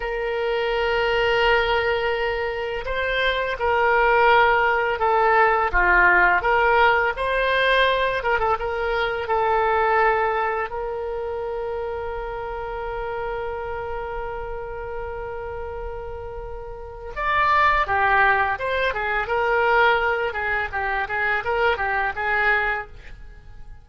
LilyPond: \new Staff \with { instrumentName = "oboe" } { \time 4/4 \tempo 4 = 84 ais'1 | c''4 ais'2 a'4 | f'4 ais'4 c''4. ais'16 a'16 | ais'4 a'2 ais'4~ |
ais'1~ | ais'1 | d''4 g'4 c''8 gis'8 ais'4~ | ais'8 gis'8 g'8 gis'8 ais'8 g'8 gis'4 | }